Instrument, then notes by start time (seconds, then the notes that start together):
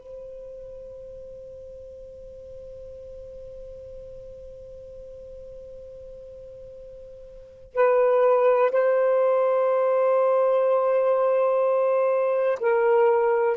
saxophone
0.00 C5
7.75 B4
8.72 C5
12.60 A#4